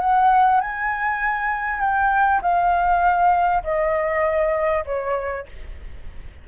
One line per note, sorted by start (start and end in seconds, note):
0.00 0.61 F#5
0.61 1.80 G#5
1.80 2.41 G5
2.42 3.63 F5
3.64 4.85 D#5
4.86 5.46 C#5